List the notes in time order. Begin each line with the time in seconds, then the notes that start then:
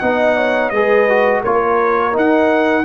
0.00 B3 D#4 D#5 F#5
0.37 C#5
0.70 G#3 G#4 B4 D#5
1.10 F#4
1.42 A#3 F4 A#4 C#5
2.13 D#4 F#5